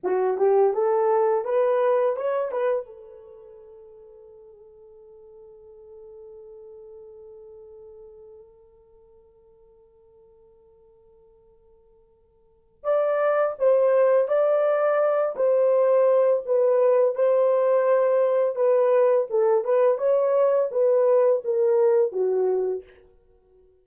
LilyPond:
\new Staff \with { instrumentName = "horn" } { \time 4/4 \tempo 4 = 84 fis'8 g'8 a'4 b'4 cis''8 b'8 | a'1~ | a'1~ | a'1~ |
a'2 d''4 c''4 | d''4. c''4. b'4 | c''2 b'4 a'8 b'8 | cis''4 b'4 ais'4 fis'4 | }